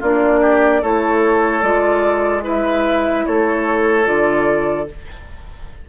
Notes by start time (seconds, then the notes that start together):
0.00 A#3 D4 F4 D5
0.42 G4
0.82 A3 E4 A4 C#5
1.62 G#3 F4 D5
2.43 E4 B4 E5
3.27 A3 A4 C#5
4.05 D3 F4 D5